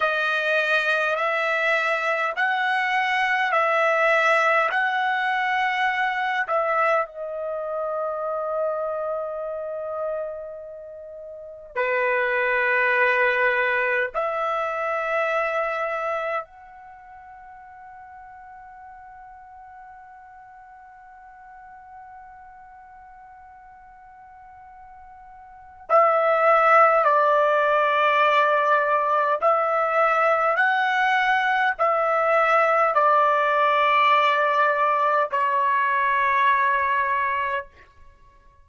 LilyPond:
\new Staff \with { instrumentName = "trumpet" } { \time 4/4 \tempo 4 = 51 dis''4 e''4 fis''4 e''4 | fis''4. e''8 dis''2~ | dis''2 b'2 | e''2 fis''2~ |
fis''1~ | fis''2 e''4 d''4~ | d''4 e''4 fis''4 e''4 | d''2 cis''2 | }